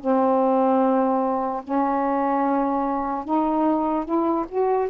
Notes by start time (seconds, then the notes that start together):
0.00 C4
1.63 C#4
3.24 D#4
4.04 E4
4.49 F#4